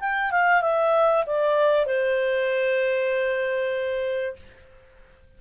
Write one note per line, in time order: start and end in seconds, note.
0.00 0.31 G5
0.31 0.62 F5
0.62 1.24 E5
1.26 1.86 D5
1.86 4.36 C5